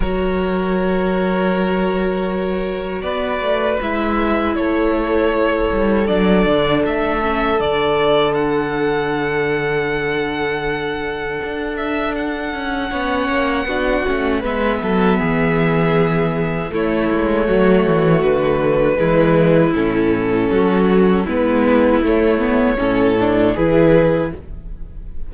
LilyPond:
<<
  \new Staff \with { instrumentName = "violin" } { \time 4/4 \tempo 4 = 79 cis''1 | d''4 e''4 cis''2 | d''4 e''4 d''4 fis''4~ | fis''2.~ fis''8 e''8 |
fis''2. e''4~ | e''2 cis''2 | b'2 a'2 | b'4 cis''2 b'4 | }
  \new Staff \with { instrumentName = "violin" } { \time 4/4 ais'1 | b'2 a'2~ | a'1~ | a'1~ |
a'4 cis''4 fis'4 b'8 a'8 | gis'2 e'4 fis'4~ | fis'4 e'2 fis'4 | e'2 a'4 gis'4 | }
  \new Staff \with { instrumentName = "viola" } { \time 4/4 fis'1~ | fis'4 e'2. | d'4. cis'8 d'2~ | d'1~ |
d'4 cis'4 d'8 cis'8 b4~ | b2 a2~ | a4 gis4 cis'2 | b4 a8 b8 cis'8 d'8 e'4 | }
  \new Staff \with { instrumentName = "cello" } { \time 4/4 fis1 | b8 a8 gis4 a4. g8 | fis8 d8 a4 d2~ | d2. d'4~ |
d'8 cis'8 b8 ais8 b8 a8 gis8 fis8 | e2 a8 gis8 fis8 e8 | d4 e4 a,4 fis4 | gis4 a4 a,4 e4 | }
>>